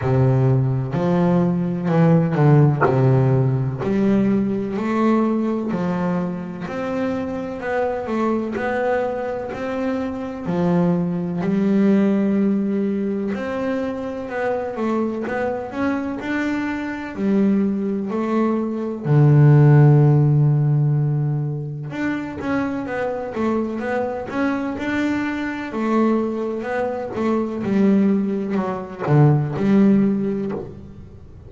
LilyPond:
\new Staff \with { instrumentName = "double bass" } { \time 4/4 \tempo 4 = 63 c4 f4 e8 d8 c4 | g4 a4 f4 c'4 | b8 a8 b4 c'4 f4 | g2 c'4 b8 a8 |
b8 cis'8 d'4 g4 a4 | d2. d'8 cis'8 | b8 a8 b8 cis'8 d'4 a4 | b8 a8 g4 fis8 d8 g4 | }